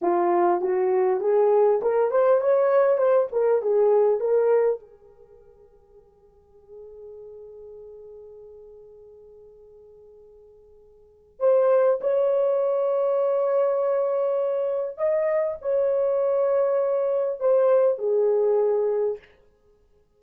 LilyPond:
\new Staff \with { instrumentName = "horn" } { \time 4/4 \tempo 4 = 100 f'4 fis'4 gis'4 ais'8 c''8 | cis''4 c''8 ais'8 gis'4 ais'4 | gis'1~ | gis'1~ |
gis'2. c''4 | cis''1~ | cis''4 dis''4 cis''2~ | cis''4 c''4 gis'2 | }